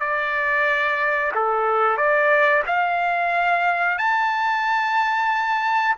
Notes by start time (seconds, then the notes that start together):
0.00 D5
1.35 A4
1.97 D5
2.67 F5
3.98 A5